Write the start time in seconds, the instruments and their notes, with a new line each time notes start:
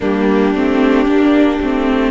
0.00 cello G3, viola A#3, violin D4 G4
0.54 cello A3, viola C4
1.05 cello A#3, viola D4
1.61 cello A3, viola C4